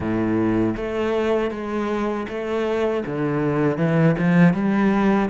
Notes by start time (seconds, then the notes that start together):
0.00 A2
0.76 A3
1.50 G#3
2.28 A3
3.06 D3
3.77 E3
4.18 F3
4.53 G3